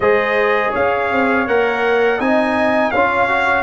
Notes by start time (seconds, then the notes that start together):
0.00 G#3 G#4 C5 D#5
0.71 C#4 C#5 F5
1.11 C4
1.47 A#3 A#4 F#5
2.17 C4 D#4 D#5 G#5
2.91 C#4 F4 C#5 F5
3.28 F#4